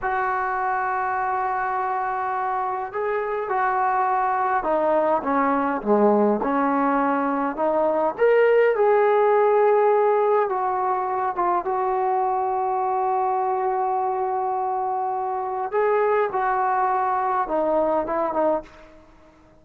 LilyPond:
\new Staff \with { instrumentName = "trombone" } { \time 4/4 \tempo 4 = 103 fis'1~ | fis'4 gis'4 fis'2 | dis'4 cis'4 gis4 cis'4~ | cis'4 dis'4 ais'4 gis'4~ |
gis'2 fis'4. f'8 | fis'1~ | fis'2. gis'4 | fis'2 dis'4 e'8 dis'8 | }